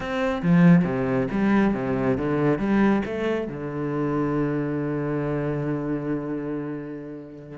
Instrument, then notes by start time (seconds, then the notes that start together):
cello
0.00 C4
0.42 F3
0.84 C3
1.31 G3
1.74 C3
2.17 D3
2.58 G3
3.05 A3
3.47 D3